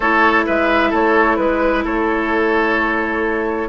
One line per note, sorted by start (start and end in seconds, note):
0.00 0.46 A3
0.00 3.69 E4
0.00 0.45 A4
0.00 0.45 C#5
0.46 0.92 G#3
0.46 0.89 B4
0.46 0.93 E5
0.89 1.38 A3
0.89 1.36 A4
0.89 1.36 C#5
1.36 1.84 G#3
1.36 1.82 B4
1.36 1.84 B4
1.84 3.69 A3
1.84 3.68 A4
1.84 3.69 C#5